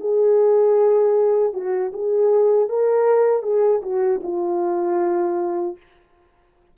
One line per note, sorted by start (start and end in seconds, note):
0.00 1.53 G#4
1.53 1.92 F#4
1.93 2.69 G#4
2.69 3.43 A#4
3.43 3.81 G#4
3.83 4.21 F#4
4.23 5.77 F4